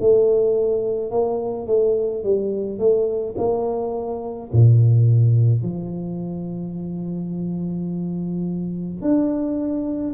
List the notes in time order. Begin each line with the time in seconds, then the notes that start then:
0.00 A3
1.11 A#3
1.67 A3
2.23 G3
2.79 A3
3.38 A#3
4.53 A#2
5.62 F3
9.02 D4